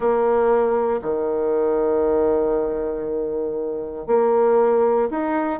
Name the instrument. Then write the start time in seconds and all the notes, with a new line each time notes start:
bassoon
0.00 A#3
1.02 D#3
4.07 A#3
5.10 D#4